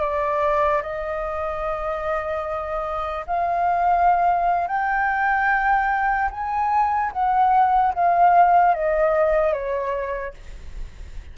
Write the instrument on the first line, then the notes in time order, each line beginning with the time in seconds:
flute
0.00 D5
0.82 D#5
3.26 F5
4.67 G5
6.30 G#5
7.12 F#5
7.94 F5
8.74 D#5
9.52 C#5